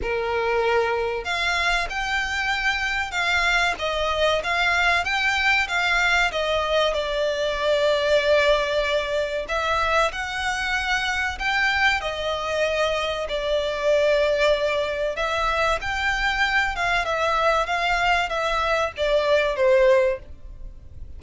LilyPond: \new Staff \with { instrumentName = "violin" } { \time 4/4 \tempo 4 = 95 ais'2 f''4 g''4~ | g''4 f''4 dis''4 f''4 | g''4 f''4 dis''4 d''4~ | d''2. e''4 |
fis''2 g''4 dis''4~ | dis''4 d''2. | e''4 g''4. f''8 e''4 | f''4 e''4 d''4 c''4 | }